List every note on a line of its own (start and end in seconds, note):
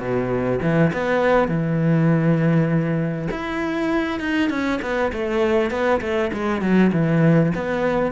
0.00 0.60 B2
0.62 0.92 E3
0.94 1.49 B3
1.49 3.29 E3
3.31 4.20 E4
4.20 4.50 D#4
4.50 4.80 C#4
4.82 5.12 B3
5.13 5.71 A3
5.71 6.01 B3
6.02 6.32 A3
6.34 6.62 G#3
6.62 6.92 F#3
6.93 7.53 E3
7.55 8.12 B3